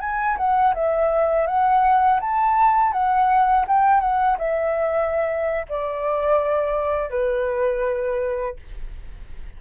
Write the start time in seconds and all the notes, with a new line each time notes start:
0.00 G#5
0.37 F#5
0.75 E5
1.47 F#5
2.21 A5
2.92 F#5
3.68 G5
4.00 F#5
4.38 E5
5.69 D5
7.10 B4